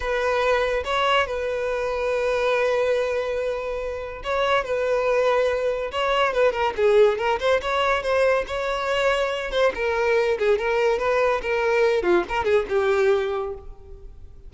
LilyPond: \new Staff \with { instrumentName = "violin" } { \time 4/4 \tempo 4 = 142 b'2 cis''4 b'4~ | b'1~ | b'2 cis''4 b'4~ | b'2 cis''4 b'8 ais'8 |
gis'4 ais'8 c''8 cis''4 c''4 | cis''2~ cis''8 c''8 ais'4~ | ais'8 gis'8 ais'4 b'4 ais'4~ | ais'8 f'8 ais'8 gis'8 g'2 | }